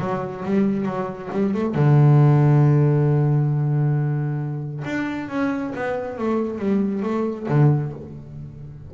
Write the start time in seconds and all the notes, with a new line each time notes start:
0.00 F#3
0.45 G3
0.85 F#3
1.32 G3
1.54 A3
1.74 D3
4.85 D4
5.29 C#4
5.75 B3
6.18 A3
6.58 G3
7.03 A3
7.49 D3